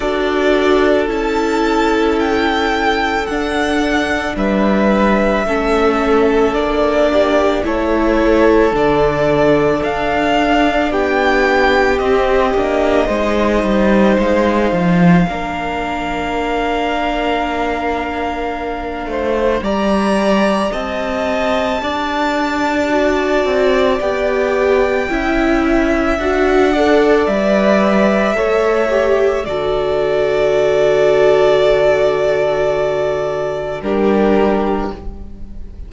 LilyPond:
<<
  \new Staff \with { instrumentName = "violin" } { \time 4/4 \tempo 4 = 55 d''4 a''4 g''4 fis''4 | e''2 d''4 cis''4 | d''4 f''4 g''4 dis''4~ | dis''4 f''2.~ |
f''2 ais''4 a''4~ | a''2 g''2 | fis''4 e''2 d''4~ | d''2. ais'4 | }
  \new Staff \with { instrumentName = "violin" } { \time 4/4 a'1 | b'4 a'4. g'8 a'4~ | a'2 g'2 | c''2 ais'2~ |
ais'4. c''8 d''4 dis''4 | d''2. e''4~ | e''8 d''4. cis''4 a'4~ | a'2. g'4 | }
  \new Staff \with { instrumentName = "viola" } { \time 4/4 fis'4 e'2 d'4~ | d'4 cis'4 d'4 e'4 | d'2. c'8 d'8 | dis'2 d'2~ |
d'2 g'2~ | g'4 fis'4 g'4 e'4 | fis'8 a'8 b'4 a'8 g'8 fis'4~ | fis'2. d'4 | }
  \new Staff \with { instrumentName = "cello" } { \time 4/4 d'4 cis'2 d'4 | g4 a4 ais4 a4 | d4 d'4 b4 c'8 ais8 | gis8 g8 gis8 f8 ais2~ |
ais4. a8 g4 c'4 | d'4. c'8 b4 cis'4 | d'4 g4 a4 d4~ | d2. g4 | }
>>